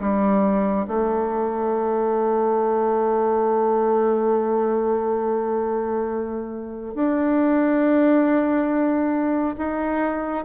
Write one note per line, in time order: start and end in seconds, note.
0.00 0.87 G3
0.88 6.95 A3
6.95 9.56 D4
9.58 10.45 D#4